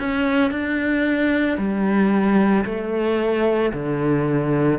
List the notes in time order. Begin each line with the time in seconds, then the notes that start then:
0.00 C#4
0.51 D4
1.58 G3
2.65 A3
3.74 D3